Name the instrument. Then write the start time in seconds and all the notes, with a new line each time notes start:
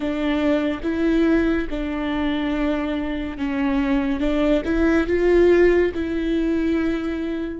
viola
0.00 D4
0.83 E4
1.70 D4
3.37 C#4
4.20 D4
4.64 E4
5.07 F4
5.94 E4